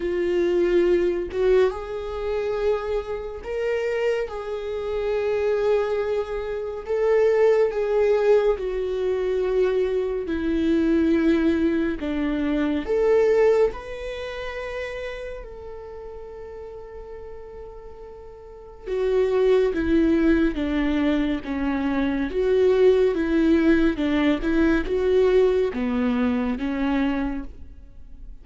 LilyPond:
\new Staff \with { instrumentName = "viola" } { \time 4/4 \tempo 4 = 70 f'4. fis'8 gis'2 | ais'4 gis'2. | a'4 gis'4 fis'2 | e'2 d'4 a'4 |
b'2 a'2~ | a'2 fis'4 e'4 | d'4 cis'4 fis'4 e'4 | d'8 e'8 fis'4 b4 cis'4 | }